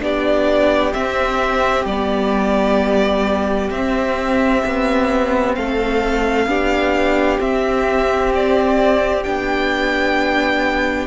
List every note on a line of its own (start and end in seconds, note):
0.00 0.93 B3
0.00 0.92 D4
0.00 5.56 G4
0.00 0.93 D5
0.93 1.86 C4
0.93 1.85 C4
0.93 1.85 E5
1.85 3.70 G3
1.85 3.73 B3
1.85 3.70 D5
3.71 4.63 C4
3.71 6.48 C4
3.71 5.55 E5
4.66 5.57 B3
5.55 6.46 A3
5.55 6.49 A4
5.55 7.40 F5
6.46 7.38 B3
6.46 7.39 D4
6.46 11.07 G4
7.39 9.24 C4
7.39 9.25 C4
7.39 8.32 E5
8.35 9.24 D5
9.24 11.07 B3
9.24 11.07 D4
9.24 11.07 G5